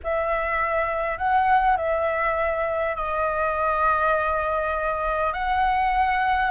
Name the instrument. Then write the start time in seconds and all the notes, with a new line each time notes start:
flute
0.03 E5
1.18 F#5
1.76 E5
2.95 D#5
5.33 F#5